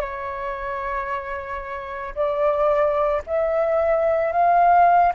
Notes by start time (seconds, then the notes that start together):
0.00 C#5
2.15 D5
3.26 E5
4.32 F5